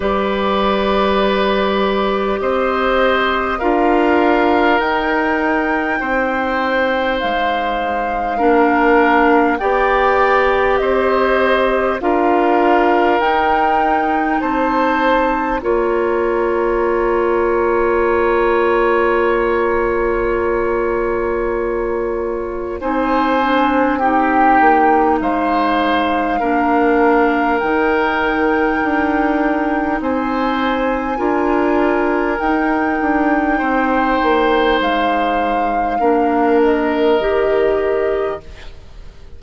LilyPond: <<
  \new Staff \with { instrumentName = "flute" } { \time 4/4 \tempo 4 = 50 d''2 dis''4 f''4 | g''2 f''2 | g''4 dis''4 f''4 g''4 | a''4 ais''2.~ |
ais''2. gis''4 | g''4 f''2 g''4~ | g''4 gis''2 g''4~ | g''4 f''4. dis''4. | }
  \new Staff \with { instrumentName = "oboe" } { \time 4/4 b'2 c''4 ais'4~ | ais'4 c''2 ais'4 | d''4 c''4 ais'2 | c''4 cis''2.~ |
cis''2. c''4 | g'4 c''4 ais'2~ | ais'4 c''4 ais'2 | c''2 ais'2 | }
  \new Staff \with { instrumentName = "clarinet" } { \time 4/4 g'2. f'4 | dis'2. d'4 | g'2 f'4 dis'4~ | dis'4 f'2.~ |
f'2. dis'8 d'8 | dis'2 d'4 dis'4~ | dis'2 f'4 dis'4~ | dis'2 d'4 g'4 | }
  \new Staff \with { instrumentName = "bassoon" } { \time 4/4 g2 c'4 d'4 | dis'4 c'4 gis4 ais4 | b4 c'4 d'4 dis'4 | c'4 ais2.~ |
ais2. c'4~ | c'8 ais8 gis4 ais4 dis4 | d'4 c'4 d'4 dis'8 d'8 | c'8 ais8 gis4 ais4 dis4 | }
>>